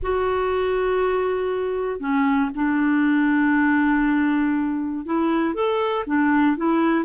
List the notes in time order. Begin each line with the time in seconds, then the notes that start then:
0.02 F#4
2.00 C#4
2.54 D4
5.05 E4
5.54 A4
6.06 D4
6.56 E4